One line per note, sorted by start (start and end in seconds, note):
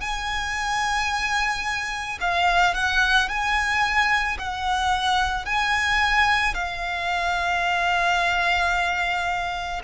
0.00 2.18 G#5
2.20 2.74 F5
2.74 3.28 F#5
3.28 4.37 G#5
4.38 5.45 F#5
5.45 6.54 G#5
6.54 9.81 F5